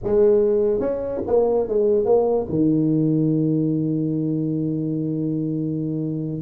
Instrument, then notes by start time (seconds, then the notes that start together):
tuba
0.03 G#3
0.80 C#4
1.26 A#3
1.68 G#3
2.05 A#3
2.49 D#3